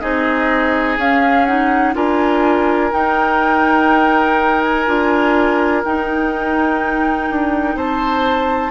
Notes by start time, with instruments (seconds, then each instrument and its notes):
0.00 bassoon C4, clarinet D#4, oboe G#4, flute D#5
0.98 bassoon C#4, clarinet C#4, flute F5
1.45 clarinet D#4, flute F#5
1.94 bassoon D4, clarinet F4, oboe A#4, flute G#5
2.92 clarinet D#4, bassoon D#4, flute G5
4.62 flute G#5
4.87 bassoon D4, clarinet F4
5.85 clarinet D#4, bassoon D#4, flute G5
7.31 bassoon D4
7.76 bassoon C4, oboe C5, flute A5